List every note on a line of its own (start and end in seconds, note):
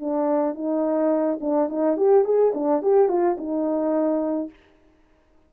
0.00 0.55 D4
0.55 1.39 D#4
1.41 1.69 D4
1.69 1.97 D#4
1.97 2.25 G4
2.25 2.53 G#4
2.55 2.82 D4
2.82 3.09 G4
3.09 3.37 F4
3.38 4.50 D#4